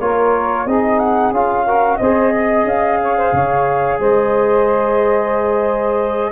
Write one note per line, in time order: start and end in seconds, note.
0.00 0.66 A#3
0.00 0.67 F4
0.00 0.65 A#4
0.00 0.67 C#5
0.65 1.31 C4
0.65 1.34 D#4
0.65 1.64 G#4
0.65 0.99 D#5
0.99 1.32 F#5
1.31 1.98 C#4
1.31 1.67 F4
1.31 1.97 F5
1.64 2.01 F#4
1.64 1.97 A#4
1.97 2.64 C4
1.97 6.32 G#4
1.97 2.33 C5
1.97 2.63 D#5
2.33 2.99 D#5
2.64 3.31 C#4
2.64 4.00 F5
3.02 3.16 C#5
3.16 3.33 C5
3.32 3.99 C#3
3.32 3.99 C#5
3.99 6.32 G#3
3.99 6.32 C5
3.99 6.32 D#5